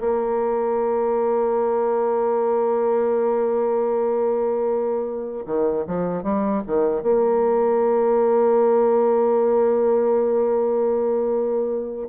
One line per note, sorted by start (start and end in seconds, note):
0.00 5.45 A#3
5.45 5.84 D#3
5.87 6.23 F3
6.23 6.62 G3
6.67 7.02 D#3
7.02 12.08 A#3